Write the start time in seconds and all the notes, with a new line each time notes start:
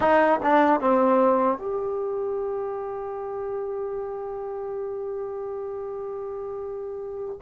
0.00 D#4
0.42 D4
0.80 C4
1.58 G4